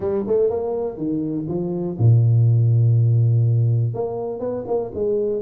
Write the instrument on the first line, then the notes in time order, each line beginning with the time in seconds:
tuba
0.00 G3
0.27 A3
0.50 A#3
0.97 D#3
1.48 F3
1.98 A#2
3.93 A#3
4.39 B3
4.67 A#3
4.94 G#3